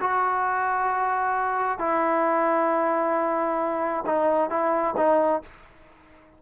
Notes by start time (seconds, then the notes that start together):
0.00 F#4
1.78 E4
4.06 D#4
4.49 E4
4.97 D#4